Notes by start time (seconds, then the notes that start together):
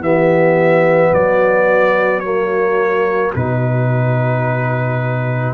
0.00 E3 B3 G4 E5
1.12 F#3 F#4 D5
2.19 A#3 C#5
3.34 B2 D#4 B4